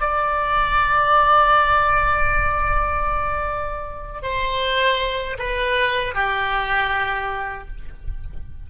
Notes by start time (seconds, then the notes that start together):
0.00 D5
4.22 C5
5.38 B4
6.14 G4